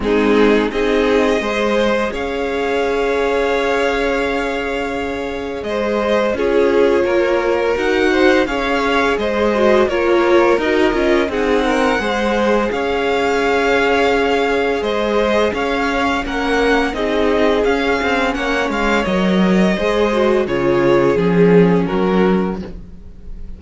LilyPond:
<<
  \new Staff \with { instrumentName = "violin" } { \time 4/4 \tempo 4 = 85 gis'4 dis''2 f''4~ | f''1 | dis''4 cis''2 fis''4 | f''4 dis''4 cis''4 dis''4 |
fis''2 f''2~ | f''4 dis''4 f''4 fis''4 | dis''4 f''4 fis''8 f''8 dis''4~ | dis''4 cis''4 gis'4 ais'4 | }
  \new Staff \with { instrumentName = "violin" } { \time 4/4 dis'4 gis'4 c''4 cis''4~ | cis''1 | c''4 gis'4 ais'4. c''8 | cis''4 c''4 ais'2 |
gis'8 ais'8 c''4 cis''2~ | cis''4 c''4 cis''4 ais'4 | gis'2 cis''2 | c''4 gis'2 fis'4 | }
  \new Staff \with { instrumentName = "viola" } { \time 4/4 c'4 dis'4 gis'2~ | gis'1~ | gis'4 f'2 fis'4 | gis'4. fis'8 f'4 fis'8 f'8 |
dis'4 gis'2.~ | gis'2. cis'4 | dis'4 cis'2 ais'4 | gis'8 fis'8 f'4 cis'2 | }
  \new Staff \with { instrumentName = "cello" } { \time 4/4 gis4 c'4 gis4 cis'4~ | cis'1 | gis4 cis'4 ais4 dis'4 | cis'4 gis4 ais4 dis'8 cis'8 |
c'4 gis4 cis'2~ | cis'4 gis4 cis'4 ais4 | c'4 cis'8 c'8 ais8 gis8 fis4 | gis4 cis4 f4 fis4 | }
>>